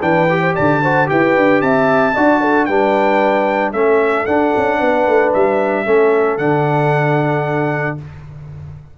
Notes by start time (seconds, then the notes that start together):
0.00 E3 D4 B4 G5
0.30 G4
0.40 C5
0.54 D3 D5 A5
0.82 F#4 C5
1.06 E4 G4 B4 G5
1.37 D4
1.61 C4 E5 A5
2.15 D4 F#4 D5
2.41 A4
2.65 G3 D4 B4 G5
3.73 A3 C#4 A4 E5
4.26 D4 F#5
4.56 C#4
4.79 B3 B4
5.07 A3
5.33 G3 E5
5.85 A3 C#4 A4
6.38 D3 D4 F#5